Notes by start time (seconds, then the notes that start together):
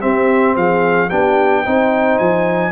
0.00 C4 G4 E5
0.56 F3 G#4 F5
1.08 B3 D4 G4 G5
1.63 C4 D#4 C5
2.18 F3 G#5